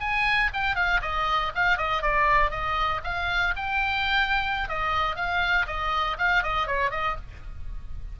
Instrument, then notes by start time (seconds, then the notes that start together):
oboe
0.00 G#5
0.53 G5
0.75 F5
1.02 D#5
1.55 F5
1.77 D#5
2.02 D5
2.51 D#5
3.04 F5
3.56 G5
4.68 D#5
5.16 F5
5.67 D#5
6.18 F5
6.43 D#5
6.67 C#5
6.91 D#5